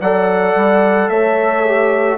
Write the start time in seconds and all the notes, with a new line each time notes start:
0.00 F#3 A4 D5 F#5
0.55 G3
1.09 A3 C#5 E5
1.65 G4